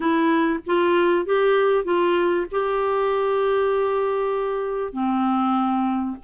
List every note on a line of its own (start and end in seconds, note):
0.00 0.59 E4
0.66 1.25 F4
1.25 1.84 G4
1.84 2.46 F4
2.51 4.92 G4
4.92 6.16 C4